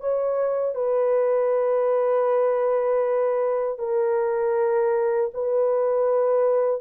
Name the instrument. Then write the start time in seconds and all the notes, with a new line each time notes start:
horn
0.00 C#5
0.75 B4
3.78 A#4
5.33 B4